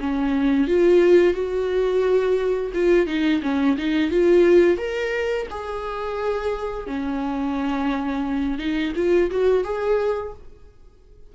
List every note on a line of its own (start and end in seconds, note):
0.00 0.68 C#4
0.68 1.34 F4
1.34 2.72 F#4
2.74 3.07 F4
3.07 3.42 D#4
3.43 3.77 C#4
3.78 4.11 D#4
4.11 4.78 F4
4.78 5.47 A#4
5.51 6.87 G#4
6.87 8.59 C#4
8.59 8.93 D#4
8.96 9.30 F4
9.31 9.64 F#4
9.64 10.33 G#4